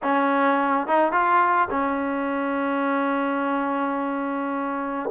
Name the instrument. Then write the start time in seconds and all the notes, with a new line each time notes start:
trombone
0.02 C#4
0.87 D#4
1.12 F4
1.70 C#4